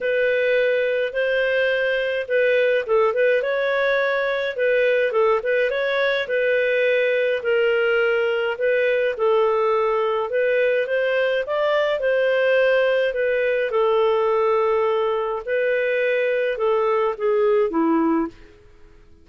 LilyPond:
\new Staff \with { instrumentName = "clarinet" } { \time 4/4 \tempo 4 = 105 b'2 c''2 | b'4 a'8 b'8 cis''2 | b'4 a'8 b'8 cis''4 b'4~ | b'4 ais'2 b'4 |
a'2 b'4 c''4 | d''4 c''2 b'4 | a'2. b'4~ | b'4 a'4 gis'4 e'4 | }